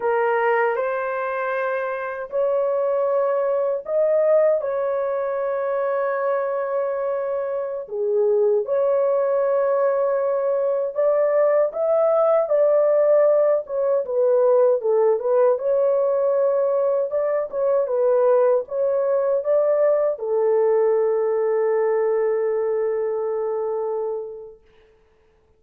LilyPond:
\new Staff \with { instrumentName = "horn" } { \time 4/4 \tempo 4 = 78 ais'4 c''2 cis''4~ | cis''4 dis''4 cis''2~ | cis''2~ cis''16 gis'4 cis''8.~ | cis''2~ cis''16 d''4 e''8.~ |
e''16 d''4. cis''8 b'4 a'8 b'16~ | b'16 cis''2 d''8 cis''8 b'8.~ | b'16 cis''4 d''4 a'4.~ a'16~ | a'1 | }